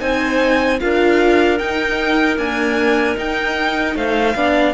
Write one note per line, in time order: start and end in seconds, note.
0.00 0.80 C4
0.00 0.79 D#4
0.00 0.80 C5
0.00 0.80 G#5
0.80 1.60 D4
0.80 1.59 F4
0.80 3.97 A#4
0.80 1.59 F5
1.59 2.38 D#4
1.59 2.39 D#4
1.59 2.38 G5
2.38 3.16 A#3
2.38 3.17 D4
2.38 3.17 G#5
3.16 4.35 D#4
3.16 3.96 D#4
3.16 3.97 G5
3.96 4.35 A3
3.96 4.36 C5
3.96 4.74 F5
4.35 4.74 B3
4.35 4.74 D4
4.35 4.74 D5